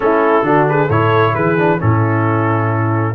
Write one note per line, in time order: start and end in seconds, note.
0.00 0.43 A3
0.00 0.43 C#4
0.00 0.46 E4
0.00 0.68 A4
0.43 0.88 D3
0.43 0.88 D4
0.43 0.69 F#4
0.68 0.87 G#4
0.68 0.90 B4
0.87 1.33 A2
0.87 1.57 E4
0.87 1.32 A4
0.87 1.34 C#5
1.34 1.80 E3
1.34 1.80 G#4
1.34 1.80 B4
1.57 1.79 D4
1.79 3.14 A2
1.79 3.14 C#4
1.79 3.14 E4
1.79 3.14 A4